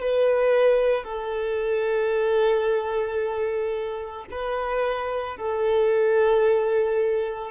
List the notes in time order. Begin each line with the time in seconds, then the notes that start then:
0.00 B4
1.04 A4
4.31 B4
5.37 A4